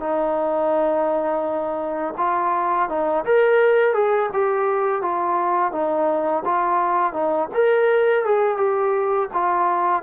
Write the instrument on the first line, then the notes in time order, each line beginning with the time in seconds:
trombone
0.00 D#4
2.18 F4
2.89 D#4
3.25 A#4
3.94 G#4
4.33 G4
5.02 F4
5.72 D#4
6.45 F4
7.13 D#4
7.54 A#4
8.25 G#4
8.57 G4
9.33 F4